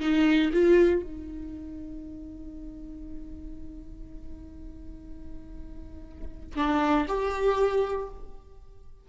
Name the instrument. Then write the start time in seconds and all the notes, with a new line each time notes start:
viola
0.00 D#4
0.53 F4
1.02 D#4
6.56 D4
7.08 G4